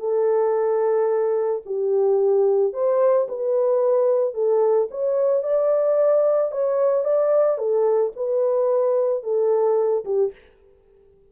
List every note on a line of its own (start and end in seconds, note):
0.00 1.62 A4
1.66 2.73 G4
2.73 3.28 C5
3.29 4.34 B4
4.34 4.88 A4
4.91 5.44 C#5
5.44 6.52 D5
6.52 7.05 C#5
7.05 7.58 D5
7.58 8.12 A4
8.16 9.24 B4
9.24 10.05 A4
10.05 10.32 G4